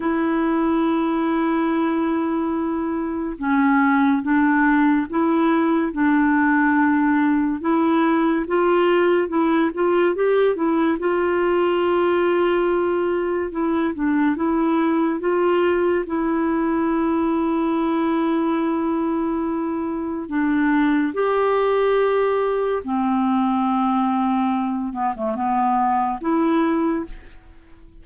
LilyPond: \new Staff \with { instrumentName = "clarinet" } { \time 4/4 \tempo 4 = 71 e'1 | cis'4 d'4 e'4 d'4~ | d'4 e'4 f'4 e'8 f'8 | g'8 e'8 f'2. |
e'8 d'8 e'4 f'4 e'4~ | e'1 | d'4 g'2 c'4~ | c'4. b16 a16 b4 e'4 | }